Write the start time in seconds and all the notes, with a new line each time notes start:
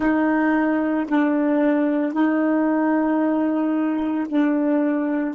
0.00 D#4
1.08 D4
2.12 D#4
4.28 D4